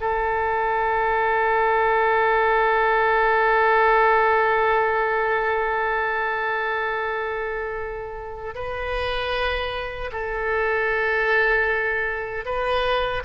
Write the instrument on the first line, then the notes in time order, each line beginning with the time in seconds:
oboe
0.00 A4
8.55 B4
10.12 A4
12.45 B4